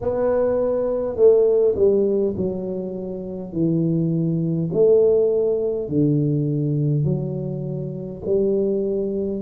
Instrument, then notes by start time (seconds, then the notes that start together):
tuba
0.01 B3
1.16 A3
1.75 G3
2.36 F#3
3.52 E3
4.73 A3
5.88 D3
7.04 F#3
8.25 G3